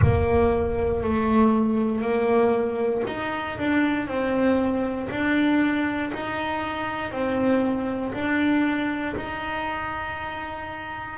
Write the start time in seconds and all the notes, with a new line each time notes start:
0.02 A#3
1.03 A3
2.01 A#3
3.07 D#4
3.58 D4
4.07 C4
5.10 D4
6.13 D#4
7.11 C4
8.14 D4
9.16 D#4